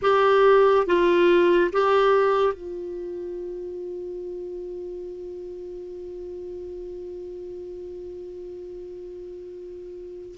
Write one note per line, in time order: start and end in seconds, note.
0.02 0.86 G4
0.86 1.71 F4
1.72 2.53 G4
2.53 10.35 F4